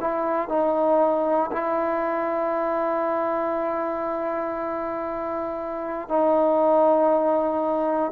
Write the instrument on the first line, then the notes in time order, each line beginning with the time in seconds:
trombone
0.00 E4
0.49 D#4
1.52 E4
6.08 D#4